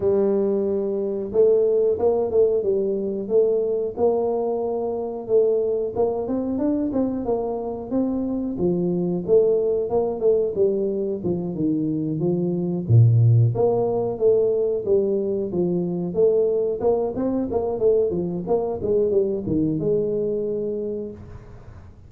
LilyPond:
\new Staff \with { instrumentName = "tuba" } { \time 4/4 \tempo 4 = 91 g2 a4 ais8 a8 | g4 a4 ais2 | a4 ais8 c'8 d'8 c'8 ais4 | c'4 f4 a4 ais8 a8 |
g4 f8 dis4 f4 ais,8~ | ais,8 ais4 a4 g4 f8~ | f8 a4 ais8 c'8 ais8 a8 f8 | ais8 gis8 g8 dis8 gis2 | }